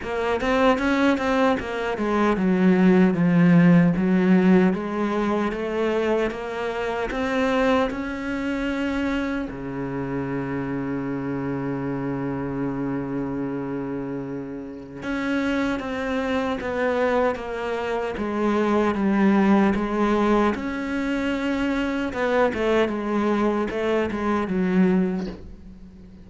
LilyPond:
\new Staff \with { instrumentName = "cello" } { \time 4/4 \tempo 4 = 76 ais8 c'8 cis'8 c'8 ais8 gis8 fis4 | f4 fis4 gis4 a4 | ais4 c'4 cis'2 | cis1~ |
cis2. cis'4 | c'4 b4 ais4 gis4 | g4 gis4 cis'2 | b8 a8 gis4 a8 gis8 fis4 | }